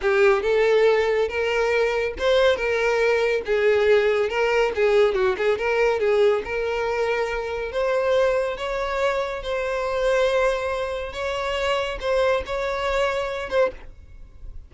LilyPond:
\new Staff \with { instrumentName = "violin" } { \time 4/4 \tempo 4 = 140 g'4 a'2 ais'4~ | ais'4 c''4 ais'2 | gis'2 ais'4 gis'4 | fis'8 gis'8 ais'4 gis'4 ais'4~ |
ais'2 c''2 | cis''2 c''2~ | c''2 cis''2 | c''4 cis''2~ cis''8 c''8 | }